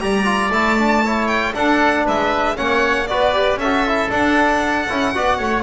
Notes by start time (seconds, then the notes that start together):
0.00 G3 G4 D5 A#5
0.25 F4
0.50 A3 E4 A5
0.78 D4
1.04 E4 C#5
1.27 G5
1.54 D4 A4 F#5
2.05 G#3 B4 E5
2.55 A#3 C#4 C#5 F#5
3.07 B3 F#4 B4 D5
3.34 G4
3.56 C#4 A4 E5
3.64 F#4
3.88 E4
4.09 D4 F#5
4.89 C#4 E4
5.14 B3 F#4 D5
5.37 A3 C#5